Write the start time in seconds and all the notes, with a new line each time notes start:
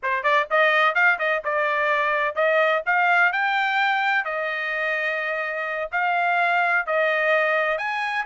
0.02 C5
0.23 D5
0.50 D#5
0.94 F5
1.18 D#5
1.44 D5
2.35 D#5
2.86 F5
3.32 G5
4.25 D#5
5.91 F5
6.86 D#5
7.77 G#5